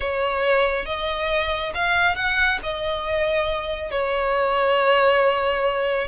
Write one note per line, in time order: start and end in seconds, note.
0.00 0.85 C#5
0.85 1.72 D#5
1.74 2.15 F5
2.15 2.59 F#5
2.62 3.91 D#5
3.91 6.07 C#5